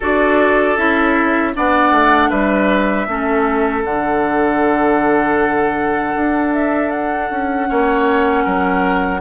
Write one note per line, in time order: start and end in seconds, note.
0.00 0.77 D4
0.00 0.77 F#4
0.00 1.52 A4
0.00 0.77 D5
0.77 1.54 C#4
0.77 1.53 E4
0.77 1.54 E5
1.53 1.91 B3
1.53 3.07 D4
1.53 2.29 D5
1.53 2.30 F#5
1.91 2.29 A3
2.29 3.07 G3
2.29 3.06 B4
2.29 3.83 E5
3.07 3.84 A3
3.07 3.84 C#4
3.07 7.68 A4
3.84 6.15 D3
3.84 7.67 D4
3.84 6.53 F#5
6.15 7.30 D4
6.53 6.90 E5
6.90 9.21 F#5
7.30 7.69 C#4
7.67 8.46 A#3
7.67 9.21 C#4
7.67 8.44 C#5
8.44 9.21 F#3
8.44 9.21 A#4